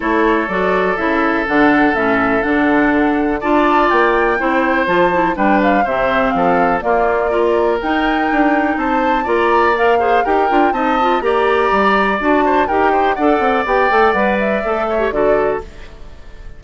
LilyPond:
<<
  \new Staff \with { instrumentName = "flute" } { \time 4/4 \tempo 4 = 123 cis''4 d''4 e''4 fis''4 | e''4 fis''2 a''4 | g''2 a''4 g''8 f''8 | e''4 f''4 d''2 |
g''2 a''4 ais''4 | f''4 g''4 a''4 ais''4~ | ais''4 a''4 g''4 fis''4 | g''4 fis''8 e''4. d''4 | }
  \new Staff \with { instrumentName = "oboe" } { \time 4/4 a'1~ | a'2. d''4~ | d''4 c''2 b'4 | c''4 a'4 f'4 ais'4~ |
ais'2 c''4 d''4~ | d''8 c''8 ais'4 dis''4 d''4~ | d''4. c''8 ais'8 c''8 d''4~ | d''2~ d''8 cis''8 a'4 | }
  \new Staff \with { instrumentName = "clarinet" } { \time 4/4 e'4 fis'4 e'4 d'4 | cis'4 d'2 f'4~ | f'4 e'4 f'8 e'8 d'4 | c'2 ais4 f'4 |
dis'2. f'4 | ais'8 gis'8 g'8 f'8 dis'8 f'8 g'4~ | g'4 fis'4 g'4 a'4 | g'8 a'8 b'4 a'8. g'16 fis'4 | }
  \new Staff \with { instrumentName = "bassoon" } { \time 4/4 a4 fis4 cis4 d4 | a,4 d2 d'4 | ais4 c'4 f4 g4 | c4 f4 ais2 |
dis'4 d'4 c'4 ais4~ | ais4 dis'8 d'8 c'4 ais4 | g4 d'4 dis'4 d'8 c'8 | b8 a8 g4 a4 d4 | }
>>